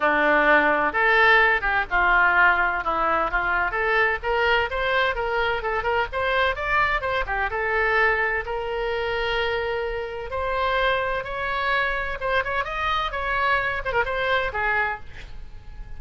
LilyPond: \new Staff \with { instrumentName = "oboe" } { \time 4/4 \tempo 4 = 128 d'2 a'4. g'8 | f'2 e'4 f'4 | a'4 ais'4 c''4 ais'4 | a'8 ais'8 c''4 d''4 c''8 g'8 |
a'2 ais'2~ | ais'2 c''2 | cis''2 c''8 cis''8 dis''4 | cis''4. c''16 ais'16 c''4 gis'4 | }